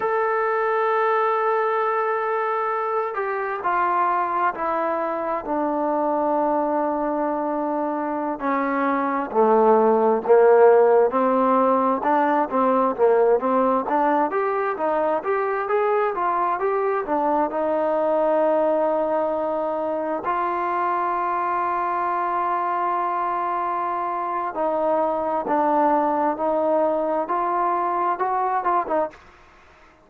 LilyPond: \new Staff \with { instrumentName = "trombone" } { \time 4/4 \tempo 4 = 66 a'2.~ a'8 g'8 | f'4 e'4 d'2~ | d'4~ d'16 cis'4 a4 ais8.~ | ais16 c'4 d'8 c'8 ais8 c'8 d'8 g'16~ |
g'16 dis'8 g'8 gis'8 f'8 g'8 d'8 dis'8.~ | dis'2~ dis'16 f'4.~ f'16~ | f'2. dis'4 | d'4 dis'4 f'4 fis'8 f'16 dis'16 | }